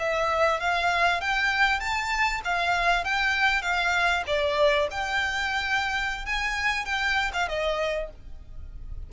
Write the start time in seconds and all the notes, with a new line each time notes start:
0.00 E5
0.60 F5
1.21 G5
1.80 A5
2.45 F5
3.05 G5
3.63 F5
4.27 D5
4.91 G5
6.26 G#5
6.86 G5
7.34 F5
7.49 D#5